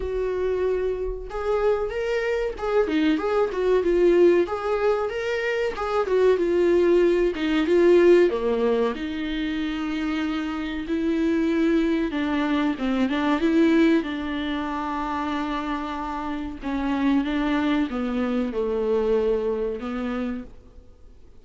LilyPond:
\new Staff \with { instrumentName = "viola" } { \time 4/4 \tempo 4 = 94 fis'2 gis'4 ais'4 | gis'8 dis'8 gis'8 fis'8 f'4 gis'4 | ais'4 gis'8 fis'8 f'4. dis'8 | f'4 ais4 dis'2~ |
dis'4 e'2 d'4 | c'8 d'8 e'4 d'2~ | d'2 cis'4 d'4 | b4 a2 b4 | }